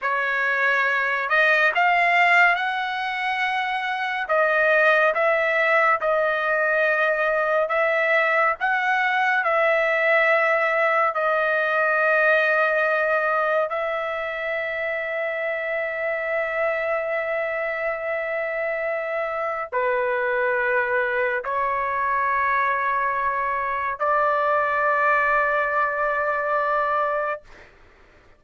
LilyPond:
\new Staff \with { instrumentName = "trumpet" } { \time 4/4 \tempo 4 = 70 cis''4. dis''8 f''4 fis''4~ | fis''4 dis''4 e''4 dis''4~ | dis''4 e''4 fis''4 e''4~ | e''4 dis''2. |
e''1~ | e''2. b'4~ | b'4 cis''2. | d''1 | }